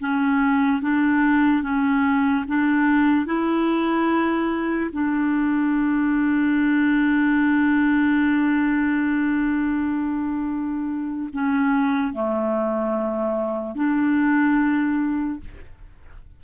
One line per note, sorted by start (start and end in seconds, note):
0.00 0.82 C#4
0.82 1.63 D4
1.63 2.45 C#4
2.48 3.26 D4
3.26 4.90 E4
4.92 11.29 D4
11.33 12.13 C#4
12.13 13.75 A3
13.75 15.40 D4